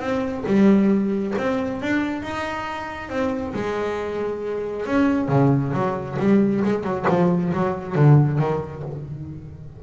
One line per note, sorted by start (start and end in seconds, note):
0.00 0.44 C4
0.46 1.35 G3
1.38 1.82 C4
1.82 2.23 D4
2.23 3.09 D#4
3.09 3.53 C4
3.54 4.86 G#3
4.86 5.29 C#4
5.29 5.73 C#3
5.73 6.17 F#3
6.19 6.64 G3
6.64 6.84 G#3
6.84 7.06 F#3
7.09 7.53 F3
7.54 7.96 F#3
7.96 8.39 D3
8.39 8.83 D#3